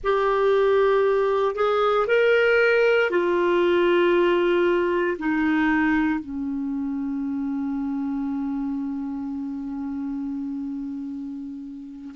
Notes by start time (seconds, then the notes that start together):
0.03 G4
1.55 G#4
2.07 A#4
3.10 F4
5.18 D#4
6.19 C#4